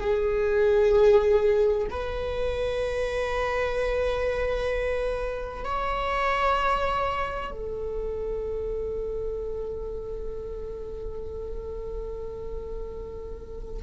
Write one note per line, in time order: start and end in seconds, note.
0.00 1.87 G#4
1.90 5.64 B4
5.64 7.51 C#5
7.51 13.83 A4